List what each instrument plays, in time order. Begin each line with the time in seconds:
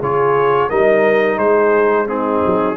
0.00 tuba C#3, trombone F4, horn G#4, trumpet C#5
0.69 tuba G3, trombone D#4, horn A#4, trumpet D#5
1.37 tuba G#3, horn G#4, trumpet C5
2.06 trombone C4, horn D#4, trumpet G#4
2.45 tuba F#3